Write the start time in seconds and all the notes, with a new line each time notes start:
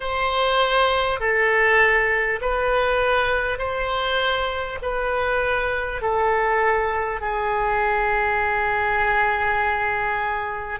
0.00 C5
1.19 A4
2.41 B4
3.58 C5
4.82 B4
6.01 A4
7.21 G#4